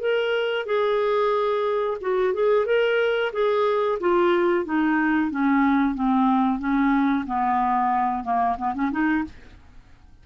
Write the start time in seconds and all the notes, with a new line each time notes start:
0.00 A#4
0.66 G#4
2.01 F#4
2.33 G#4
2.66 A#4
3.33 G#4
4.00 F4
4.65 D#4
5.30 C#4
5.94 C4
6.59 C#4
7.26 B3
8.24 A#3
8.58 B3
8.74 C#4
8.91 D#4